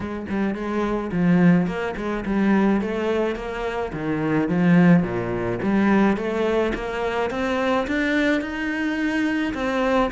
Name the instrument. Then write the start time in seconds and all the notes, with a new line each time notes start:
cello
0.00 G#3
0.29 G3
0.54 G#3
1.12 F3
1.66 A#3
1.96 G#3
2.25 G3
2.81 A3
3.35 A#3
3.93 D#3
4.48 F3
5.03 A#2
5.62 G3
6.17 A3
6.74 A#3
7.30 C4
7.87 D4
8.41 D#4
9.54 C4